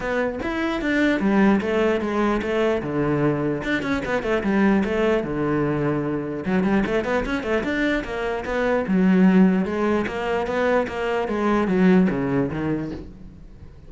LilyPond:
\new Staff \with { instrumentName = "cello" } { \time 4/4 \tempo 4 = 149 b4 e'4 d'4 g4 | a4 gis4 a4 d4~ | d4 d'8 cis'8 b8 a8 g4 | a4 d2. |
fis8 g8 a8 b8 cis'8 a8 d'4 | ais4 b4 fis2 | gis4 ais4 b4 ais4 | gis4 fis4 cis4 dis4 | }